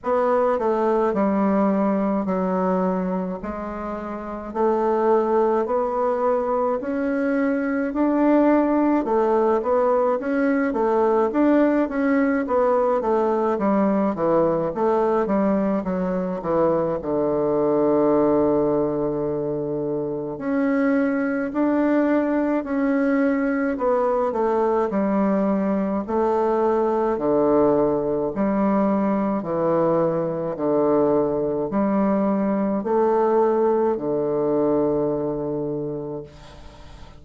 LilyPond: \new Staff \with { instrumentName = "bassoon" } { \time 4/4 \tempo 4 = 53 b8 a8 g4 fis4 gis4 | a4 b4 cis'4 d'4 | a8 b8 cis'8 a8 d'8 cis'8 b8 a8 | g8 e8 a8 g8 fis8 e8 d4~ |
d2 cis'4 d'4 | cis'4 b8 a8 g4 a4 | d4 g4 e4 d4 | g4 a4 d2 | }